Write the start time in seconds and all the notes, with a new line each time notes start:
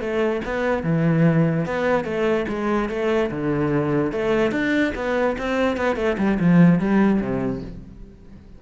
0.00 A3
0.45 B3
0.83 E3
1.65 B3
2.04 A3
2.48 G#3
2.89 A3
3.31 D3
4.12 A3
4.51 D4
4.95 B3
5.38 C4
5.77 B3
5.96 A3
6.18 G3
6.39 F3
6.79 G3
7.20 C3